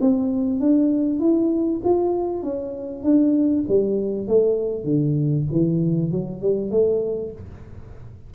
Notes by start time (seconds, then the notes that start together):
0.00 C4
0.59 D4
1.19 E4
1.84 F4
2.42 C#4
3.03 D4
3.68 G3
4.27 A3
4.84 D3
5.51 E3
6.11 F#3
6.41 G3
6.71 A3